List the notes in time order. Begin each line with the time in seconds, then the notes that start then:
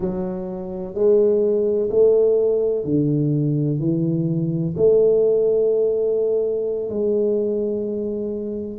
0.00 F#3
0.94 G#3
1.90 A3
2.84 D3
3.79 E3
4.76 A3
6.89 G#3